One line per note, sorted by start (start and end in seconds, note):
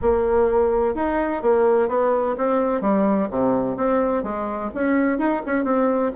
0.01 0.94 A#3
0.94 1.42 D#4
1.42 1.88 A#3
1.88 2.35 B3
2.37 2.81 C4
2.81 3.28 G3
3.30 3.76 C3
3.76 4.23 C4
4.23 4.70 G#3
4.74 5.18 C#4
5.18 5.41 D#4
5.46 5.64 C#4
5.64 6.11 C4